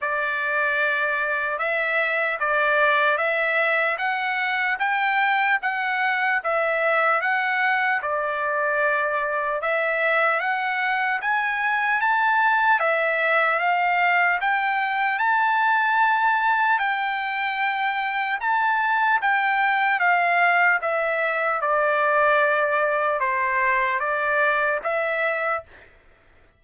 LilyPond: \new Staff \with { instrumentName = "trumpet" } { \time 4/4 \tempo 4 = 75 d''2 e''4 d''4 | e''4 fis''4 g''4 fis''4 | e''4 fis''4 d''2 | e''4 fis''4 gis''4 a''4 |
e''4 f''4 g''4 a''4~ | a''4 g''2 a''4 | g''4 f''4 e''4 d''4~ | d''4 c''4 d''4 e''4 | }